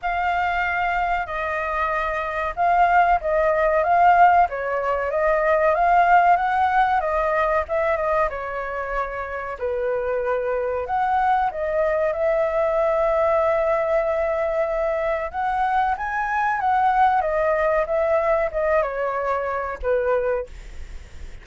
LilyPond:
\new Staff \with { instrumentName = "flute" } { \time 4/4 \tempo 4 = 94 f''2 dis''2 | f''4 dis''4 f''4 cis''4 | dis''4 f''4 fis''4 dis''4 | e''8 dis''8 cis''2 b'4~ |
b'4 fis''4 dis''4 e''4~ | e''1 | fis''4 gis''4 fis''4 dis''4 | e''4 dis''8 cis''4. b'4 | }